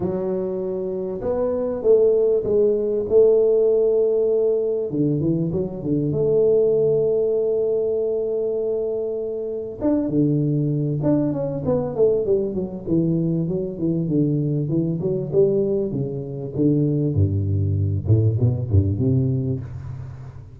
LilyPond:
\new Staff \with { instrumentName = "tuba" } { \time 4/4 \tempo 4 = 98 fis2 b4 a4 | gis4 a2. | d8 e8 fis8 d8 a2~ | a1 |
d'8 d4. d'8 cis'8 b8 a8 | g8 fis8 e4 fis8 e8 d4 | e8 fis8 g4 cis4 d4 | g,4. a,8 b,8 g,8 c4 | }